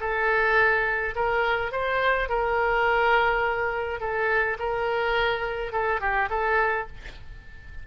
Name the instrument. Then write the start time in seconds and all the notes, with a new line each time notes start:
oboe
0.00 A4
1.15 A#4
1.72 C5
2.29 A#4
4.00 A4
4.59 A#4
5.72 A4
6.00 G4
6.30 A4